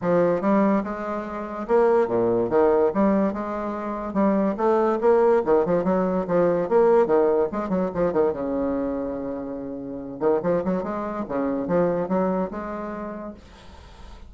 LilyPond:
\new Staff \with { instrumentName = "bassoon" } { \time 4/4 \tempo 4 = 144 f4 g4 gis2 | ais4 ais,4 dis4 g4 | gis2 g4 a4 | ais4 dis8 f8 fis4 f4 |
ais4 dis4 gis8 fis8 f8 dis8 | cis1~ | cis8 dis8 f8 fis8 gis4 cis4 | f4 fis4 gis2 | }